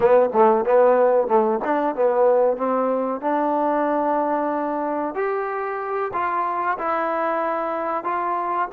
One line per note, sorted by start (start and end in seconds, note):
0.00 0.29 B3
0.33 0.65 A3
0.65 1.27 B3
1.27 1.59 A3
1.64 1.95 D4
1.95 2.57 B3
2.57 3.21 C4
3.21 5.14 D4
5.14 6.11 G4
6.13 6.77 F4
6.78 8.04 E4
8.04 8.68 F4